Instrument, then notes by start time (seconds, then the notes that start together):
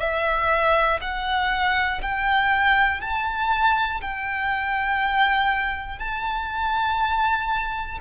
violin
0.00 E5
1.01 F#5
2.02 G5
3.01 A5
4.01 G5
5.99 A5